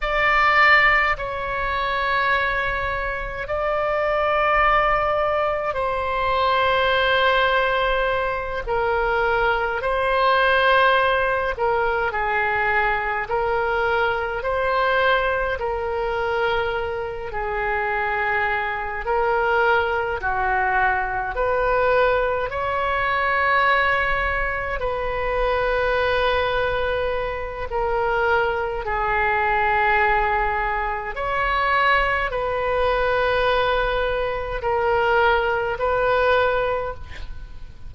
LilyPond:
\new Staff \with { instrumentName = "oboe" } { \time 4/4 \tempo 4 = 52 d''4 cis''2 d''4~ | d''4 c''2~ c''8 ais'8~ | ais'8 c''4. ais'8 gis'4 ais'8~ | ais'8 c''4 ais'4. gis'4~ |
gis'8 ais'4 fis'4 b'4 cis''8~ | cis''4. b'2~ b'8 | ais'4 gis'2 cis''4 | b'2 ais'4 b'4 | }